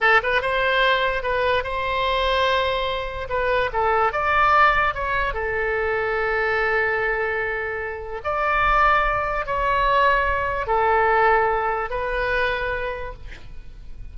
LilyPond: \new Staff \with { instrumentName = "oboe" } { \time 4/4 \tempo 4 = 146 a'8 b'8 c''2 b'4 | c''1 | b'4 a'4 d''2 | cis''4 a'2.~ |
a'1 | d''2. cis''4~ | cis''2 a'2~ | a'4 b'2. | }